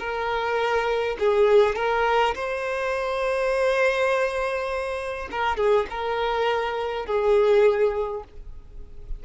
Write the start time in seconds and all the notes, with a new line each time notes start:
0.00 A#4
1.20 G#4
1.76 A#4
2.35 C5
5.32 A#4
5.57 G#4
5.90 A#4
7.06 G#4